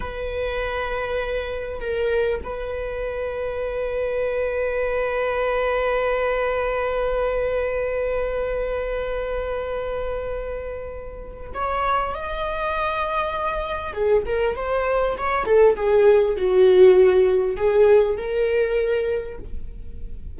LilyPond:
\new Staff \with { instrumentName = "viola" } { \time 4/4 \tempo 4 = 99 b'2. ais'4 | b'1~ | b'1~ | b'1~ |
b'2. cis''4 | dis''2. gis'8 ais'8 | c''4 cis''8 a'8 gis'4 fis'4~ | fis'4 gis'4 ais'2 | }